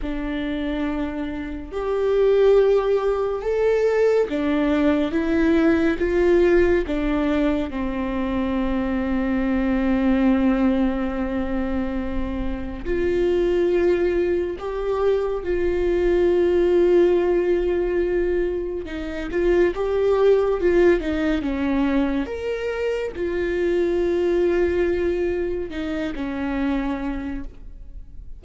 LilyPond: \new Staff \with { instrumentName = "viola" } { \time 4/4 \tempo 4 = 70 d'2 g'2 | a'4 d'4 e'4 f'4 | d'4 c'2.~ | c'2. f'4~ |
f'4 g'4 f'2~ | f'2 dis'8 f'8 g'4 | f'8 dis'8 cis'4 ais'4 f'4~ | f'2 dis'8 cis'4. | }